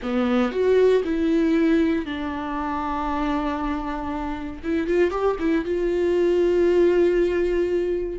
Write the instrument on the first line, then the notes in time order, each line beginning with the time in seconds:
viola
0.02 B3
0.51 F#4
1.04 E4
2.05 D4
4.63 E4
4.87 F4
5.10 G4
5.39 E4
5.65 F4